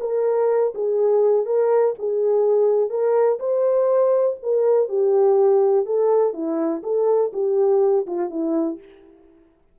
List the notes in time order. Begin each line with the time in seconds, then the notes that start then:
0.00 A#4
0.75 G#4
1.45 A#4
1.98 G#4
2.89 A#4
3.39 C5
4.42 A#4
4.88 G4
5.85 A4
6.33 E4
6.82 A4
7.33 G4
8.06 F4
8.30 E4